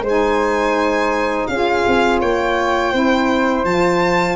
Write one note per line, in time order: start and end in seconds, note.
0.00 1.45 G#3
0.00 1.48 C5
0.07 1.51 D#4
0.07 1.47 G#5
1.47 1.84 C#4
1.47 2.92 F4
1.47 2.20 G#4
1.47 2.19 F5
1.87 2.22 C4
2.20 2.93 A#3
2.20 2.92 C#5
2.20 3.64 G5
2.92 3.64 C4
2.92 3.65 E4
2.92 4.36 C5
3.64 4.36 F3
3.64 4.36 F4
3.64 4.36 A5